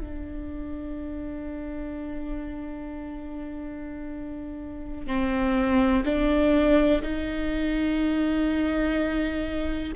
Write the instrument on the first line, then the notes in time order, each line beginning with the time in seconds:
viola
0.00 D4
5.07 C4
6.05 D4
7.02 D#4